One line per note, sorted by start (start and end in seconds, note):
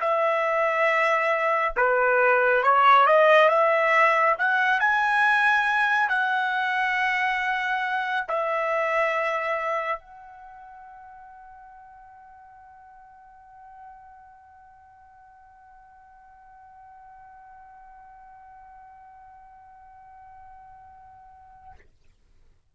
0.00 1.74 E5
1.76 2.63 B4
2.63 3.06 C#5
3.06 3.49 D#5
3.49 4.36 E5
4.38 4.79 F#5
4.79 6.08 G#5
6.08 8.26 F#5
8.28 9.99 E5
9.99 21.73 F#5